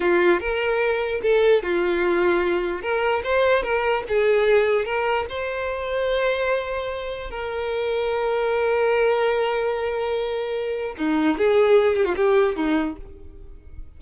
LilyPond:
\new Staff \with { instrumentName = "violin" } { \time 4/4 \tempo 4 = 148 f'4 ais'2 a'4 | f'2. ais'4 | c''4 ais'4 gis'2 | ais'4 c''2.~ |
c''2 ais'2~ | ais'1~ | ais'2. dis'4 | gis'4. g'16 f'16 g'4 dis'4 | }